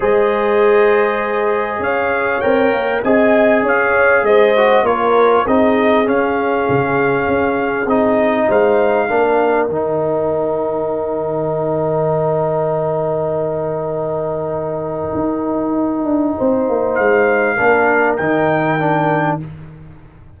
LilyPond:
<<
  \new Staff \with { instrumentName = "trumpet" } { \time 4/4 \tempo 4 = 99 dis''2. f''4 | g''4 gis''4 f''4 dis''4 | cis''4 dis''4 f''2~ | f''4 dis''4 f''2 |
g''1~ | g''1~ | g''1 | f''2 g''2 | }
  \new Staff \with { instrumentName = "horn" } { \time 4/4 c''2. cis''4~ | cis''4 dis''4 cis''4 c''4 | ais'4 gis'2.~ | gis'2 c''4 ais'4~ |
ais'1~ | ais'1~ | ais'2. c''4~ | c''4 ais'2. | }
  \new Staff \with { instrumentName = "trombone" } { \time 4/4 gis'1 | ais'4 gis'2~ gis'8 fis'8 | f'4 dis'4 cis'2~ | cis'4 dis'2 d'4 |
dis'1~ | dis'1~ | dis'1~ | dis'4 d'4 dis'4 d'4 | }
  \new Staff \with { instrumentName = "tuba" } { \time 4/4 gis2. cis'4 | c'8 ais8 c'4 cis'4 gis4 | ais4 c'4 cis'4 cis4 | cis'4 c'4 gis4 ais4 |
dis1~ | dis1~ | dis4 dis'4. d'8 c'8 ais8 | gis4 ais4 dis2 | }
>>